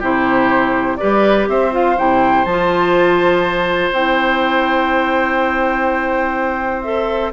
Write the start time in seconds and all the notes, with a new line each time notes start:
0.00 C3 E4 G4 C5
0.97 G3 G4 B4 D5
1.49 C4 C5 E5
1.72 F4 F5
1.98 C3 E4 G5
2.45 F3 F4 A5
3.93 C4 E4 G5
6.83 A4 E5